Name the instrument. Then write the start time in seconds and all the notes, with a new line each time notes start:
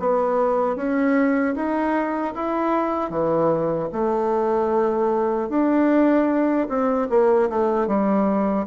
bassoon
0.00 B3
0.76 C#4
1.55 D#4
2.35 E4
3.10 E3
3.93 A3
5.49 D4
6.69 C4
7.10 A#3
7.50 A3
7.87 G3